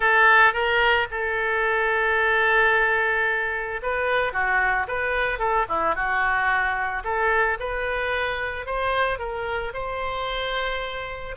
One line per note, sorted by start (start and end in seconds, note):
0.00 0.53 A4
0.53 1.07 A#4
1.11 3.81 A4
3.82 4.32 B4
4.32 4.86 F#4
4.87 5.38 B4
5.38 5.65 A4
5.69 5.95 E4
5.95 7.03 F#4
7.04 7.58 A4
7.59 8.65 B4
8.65 9.18 C5
9.18 9.72 A#4
9.73 11.35 C5